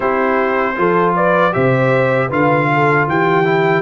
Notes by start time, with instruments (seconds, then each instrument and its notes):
0.00 tuba C4, trombone E4, horn G4, trumpet C5
0.75 tuba F3, trombone F4, horn A4
1.15 horn B4, trumpet D5
1.52 tuba C3, trombone G4, horn C5, trumpet E5
2.27 tuba D3, trombone F4, horn B4, trumpet F5
2.73 horn A4
3.07 tuba E3, horn G4, trumpet G5
3.44 trombone E4